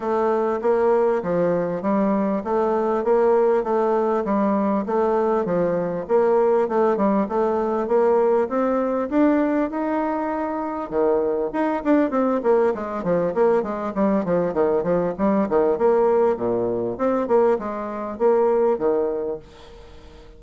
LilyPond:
\new Staff \with { instrumentName = "bassoon" } { \time 4/4 \tempo 4 = 99 a4 ais4 f4 g4 | a4 ais4 a4 g4 | a4 f4 ais4 a8 g8 | a4 ais4 c'4 d'4 |
dis'2 dis4 dis'8 d'8 | c'8 ais8 gis8 f8 ais8 gis8 g8 f8 | dis8 f8 g8 dis8 ais4 ais,4 | c'8 ais8 gis4 ais4 dis4 | }